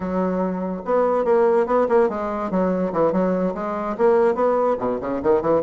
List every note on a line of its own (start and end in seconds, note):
0.00 0.81 F#3
0.85 1.24 B3
1.24 1.66 A#3
1.66 1.87 B3
1.88 2.09 A#3
2.09 2.50 G#3
2.50 2.92 F#3
2.93 3.12 E3
3.12 3.54 F#3
3.54 3.96 G#3
3.97 4.34 A#3
4.34 4.76 B3
4.79 4.99 B2
5.00 5.21 C#3
5.23 5.41 D#3
5.41 5.62 E3